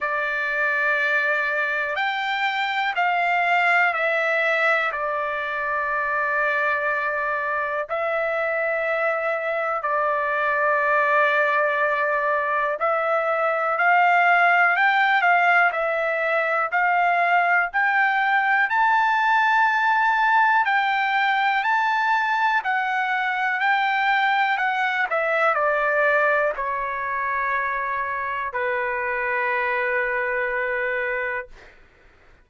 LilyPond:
\new Staff \with { instrumentName = "trumpet" } { \time 4/4 \tempo 4 = 61 d''2 g''4 f''4 | e''4 d''2. | e''2 d''2~ | d''4 e''4 f''4 g''8 f''8 |
e''4 f''4 g''4 a''4~ | a''4 g''4 a''4 fis''4 | g''4 fis''8 e''8 d''4 cis''4~ | cis''4 b'2. | }